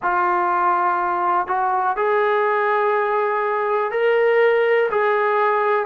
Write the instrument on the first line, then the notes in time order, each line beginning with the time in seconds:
trombone
0.02 F4
1.47 F#4
1.96 G#4
3.91 A#4
4.90 G#4